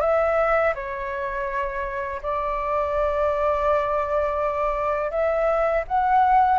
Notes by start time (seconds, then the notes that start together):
0.00 E5
0.75 C#5
2.22 D5
5.11 E5
5.87 F#5